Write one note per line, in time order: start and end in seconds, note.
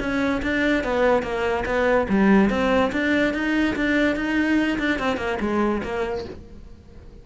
0.00 0.42 C#4
0.42 0.84 D4
0.84 1.23 B3
1.23 1.65 A#3
1.66 2.07 B3
2.09 2.50 G3
2.50 2.92 C4
2.92 3.34 D4
3.34 3.76 D#4
3.76 4.16 D4
4.16 4.79 D#4
4.79 4.99 D4
4.99 5.17 C4
5.17 5.38 A#3
5.40 5.82 G#3
5.84 6.25 A#3